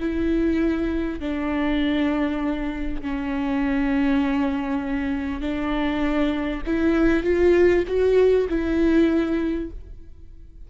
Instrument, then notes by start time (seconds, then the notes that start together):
viola
0.00 E4
1.20 D4
3.02 C#4
5.41 D4
6.66 E4
7.24 F4
7.88 F#4
8.49 E4